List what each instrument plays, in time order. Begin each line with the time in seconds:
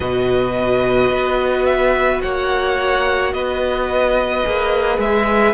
0.00 cello B2, viola F#4, violin B4 D#5
1.10 cello B3
1.65 violin E5
2.22 cello A#3, violin C#5 F#5
3.33 cello B3, violin B4 D#5
4.44 cello A#3, viola G#4
4.98 cello G#3, violin E5